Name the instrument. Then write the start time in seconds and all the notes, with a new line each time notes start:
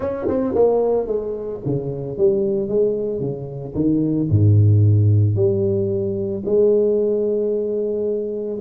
tuba
0.00 C#4
0.27 C4
0.55 A#3
1.06 G#3
1.65 C#3
2.17 G3
2.68 G#3
3.20 C#3
3.74 D#3
4.30 G#2
5.35 G3
6.45 G#3